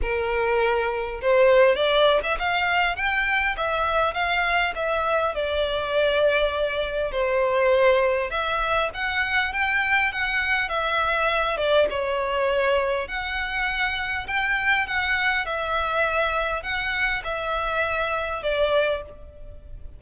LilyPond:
\new Staff \with { instrumentName = "violin" } { \time 4/4 \tempo 4 = 101 ais'2 c''4 d''8. e''16 | f''4 g''4 e''4 f''4 | e''4 d''2. | c''2 e''4 fis''4 |
g''4 fis''4 e''4. d''8 | cis''2 fis''2 | g''4 fis''4 e''2 | fis''4 e''2 d''4 | }